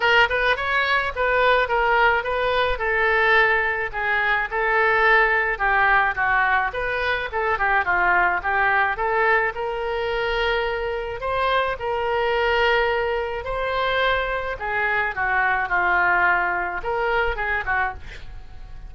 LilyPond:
\new Staff \with { instrumentName = "oboe" } { \time 4/4 \tempo 4 = 107 ais'8 b'8 cis''4 b'4 ais'4 | b'4 a'2 gis'4 | a'2 g'4 fis'4 | b'4 a'8 g'8 f'4 g'4 |
a'4 ais'2. | c''4 ais'2. | c''2 gis'4 fis'4 | f'2 ais'4 gis'8 fis'8 | }